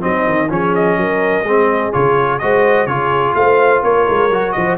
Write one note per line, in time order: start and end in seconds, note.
0.00 0.26 F#3
0.00 0.48 C4
0.00 0.51 D#4
0.00 0.49 D#5
0.26 0.50 D#3
0.48 0.97 F3
0.48 1.44 C#4
0.48 0.99 G#4
0.48 0.75 C#5
0.75 1.92 D#5
0.97 1.43 F#3
0.97 1.46 A#4
1.43 1.91 G#3
1.43 1.92 C4
1.43 2.42 G#4
1.92 2.42 C#3
1.92 2.40 F4
1.92 2.38 C#5
2.38 2.86 G#3
2.38 2.87 F#4
2.38 2.88 C5
2.38 2.86 D#5
2.86 3.34 C#3
2.86 4.30 F4
2.86 3.36 G#4
2.86 3.34 C#5
3.34 3.82 A3
3.34 3.84 C5
3.34 3.82 F5
3.83 4.07 A#3
3.83 4.55 A#4
3.83 4.52 C#5
4.08 4.30 G#3
4.30 4.54 F#3
4.30 4.78 F#4
4.52 4.78 F3
4.52 4.78 C5
4.52 4.75 D#5